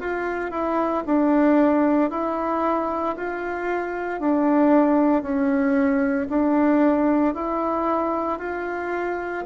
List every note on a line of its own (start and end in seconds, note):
0.00 0.51 F4
0.51 1.04 E4
1.06 2.11 D4
2.11 3.16 E4
3.17 4.20 F4
4.20 5.23 D4
5.23 6.28 C#4
6.30 7.35 D4
7.35 8.39 E4
8.39 9.44 F4